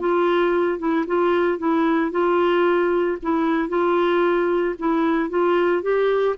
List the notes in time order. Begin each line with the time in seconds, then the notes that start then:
0.00 F4
0.79 E4
1.07 F4
1.59 E4
2.11 F4
3.22 E4
3.69 F4
4.79 E4
5.30 F4
5.83 G4